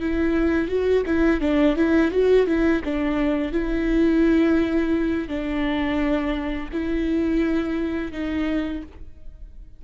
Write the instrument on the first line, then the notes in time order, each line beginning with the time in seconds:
viola
0.00 E4
0.68 F#4
1.07 E4
1.41 D4
1.76 E4
2.11 F#4
2.47 E4
2.84 D4
3.52 E4
5.28 D4
6.73 E4
8.12 D#4